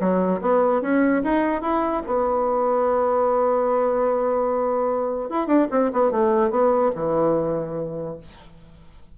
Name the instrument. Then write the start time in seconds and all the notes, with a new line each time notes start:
bassoon
0.00 F#3
0.41 B3
0.82 C#4
1.24 D#4
1.61 E4
2.06 B3
5.29 E4
5.47 D4
5.71 C4
5.93 B3
6.11 A3
6.50 B3
6.95 E3